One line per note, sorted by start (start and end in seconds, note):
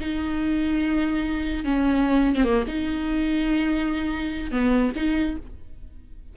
0.00 1.64 D#4
1.64 2.36 C#4
2.36 2.44 C4
2.44 2.64 A#3
2.67 4.51 D#4
4.51 4.92 B3
4.95 5.36 D#4